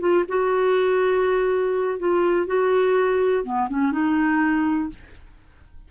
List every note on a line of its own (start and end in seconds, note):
0.00 0.24 F4
0.28 1.99 F#4
1.99 2.47 F4
2.47 3.44 F#4
3.44 3.69 B3
3.70 3.92 C#4
3.92 4.90 D#4